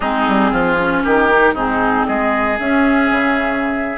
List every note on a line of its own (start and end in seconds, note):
0.00 0.27 G#3
0.00 0.78 C4
0.00 0.51 D#4
0.00 1.00 G#4
0.27 0.52 G3
0.51 1.03 F3
0.51 1.03 F4
0.78 1.30 C#4
1.03 1.52 D#3
1.03 1.54 G4
1.03 1.55 A#4
1.31 1.56 D#4
1.52 2.04 G#2
1.52 2.59 C4
1.52 2.06 D#4
1.52 2.05 G#4
2.05 2.59 G#3
2.05 3.98 G#4
2.05 2.57 D#5
2.59 3.10 C#4
2.59 3.98 C#4
2.59 3.98 E5
3.10 3.98 C#3